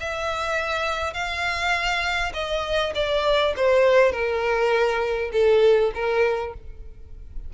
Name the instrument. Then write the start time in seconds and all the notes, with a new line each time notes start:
violin
0.00 E5
1.14 F5
2.34 D#5
2.95 D5
3.56 C5
4.12 A#4
5.32 A4
5.94 A#4